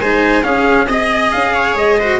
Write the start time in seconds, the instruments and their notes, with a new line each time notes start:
0.00 tuba G#3, cello D#4, viola C5, trumpet G#5
0.43 cello C#4, tuba C#4, viola G#4, trumpet F5
0.87 tuba C4, cello G#4, viola D#5, trumpet D#5
1.31 tuba C#4, trumpet F5
1.53 viola C#5
1.75 tuba G#3, trumpet D#5
1.99 cello F#4, viola C5